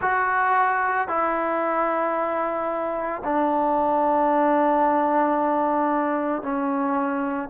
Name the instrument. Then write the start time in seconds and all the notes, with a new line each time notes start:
trombone
0.01 F#4
1.08 E4
3.24 D4
6.42 C#4